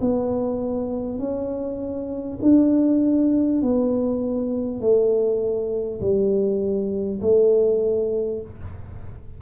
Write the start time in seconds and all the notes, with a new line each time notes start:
0.00 B3
1.18 C#4
2.42 D4
3.62 B3
4.80 A3
6.00 G3
7.21 A3